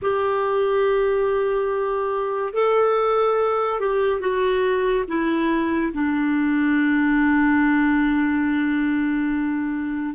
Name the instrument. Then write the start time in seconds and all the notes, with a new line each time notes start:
clarinet
0.02 G4
2.54 A4
3.80 G4
4.20 F#4
5.08 E4
5.93 D4